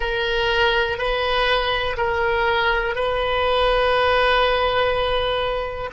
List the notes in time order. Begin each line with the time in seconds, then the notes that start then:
0.00 A#4
0.98 B4
1.97 A#4
2.95 B4